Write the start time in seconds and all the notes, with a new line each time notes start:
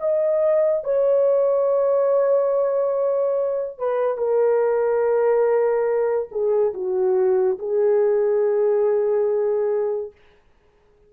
0.00 D#5
0.84 C#5
3.78 B4
4.18 A#4
6.31 G#4
6.74 F#4
7.59 G#4